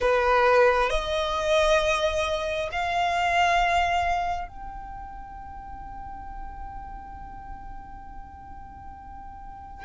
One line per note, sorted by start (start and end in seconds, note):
0.00 0.90 B4
0.90 2.69 D#5
2.71 4.48 F5
4.48 9.84 G5